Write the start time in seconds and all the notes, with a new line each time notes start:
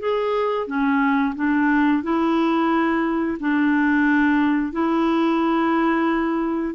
0.00 G#4
0.67 C#4
1.36 D4
2.03 E4
3.40 D4
4.73 E4